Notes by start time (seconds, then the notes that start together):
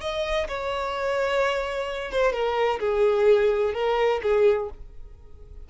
0.00 D#5
0.48 C#5
2.11 C5
2.32 A#4
2.80 G#4
3.74 A#4
4.22 G#4